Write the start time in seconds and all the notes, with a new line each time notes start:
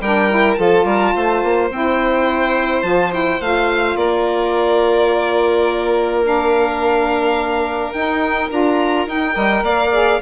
0.00 G3 D4 A#4 G5
0.30 E4
0.54 F3 F4 A4 A5
0.84 G3 A#4
1.14 A3 C5
1.43 A#3
1.70 C4 E4 G5
2.82 F3 F4 A5
3.11 E4 G5
3.40 A3 F4 F5
3.95 A#3 A#4 D5
6.23 D4 F5
7.92 D#4 G5
8.50 D4 F4 A#5
9.07 D#4 G5
9.33 G3 A#4 D#5
9.62 A#3 D5 F5
9.92 G#4